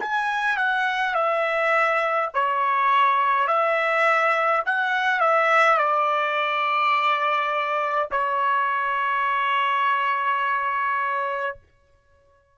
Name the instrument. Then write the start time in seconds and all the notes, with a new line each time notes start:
trumpet
0.00 G#5
0.57 F#5
1.15 E5
2.34 C#5
3.48 E5
4.66 F#5
5.21 E5
5.78 D5
8.11 C#5